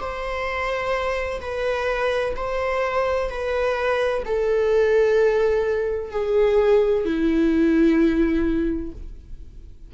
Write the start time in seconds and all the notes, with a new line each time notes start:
0.00 C5
1.41 B4
2.37 C5
3.30 B4
4.26 A4
6.12 G#4
7.05 E4